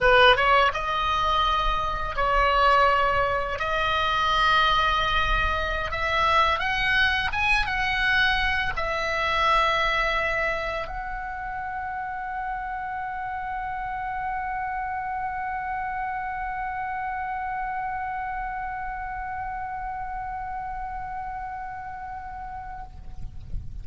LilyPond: \new Staff \with { instrumentName = "oboe" } { \time 4/4 \tempo 4 = 84 b'8 cis''8 dis''2 cis''4~ | cis''4 dis''2.~ | dis''16 e''4 fis''4 gis''8 fis''4~ fis''16~ | fis''16 e''2. fis''8.~ |
fis''1~ | fis''1~ | fis''1~ | fis''1 | }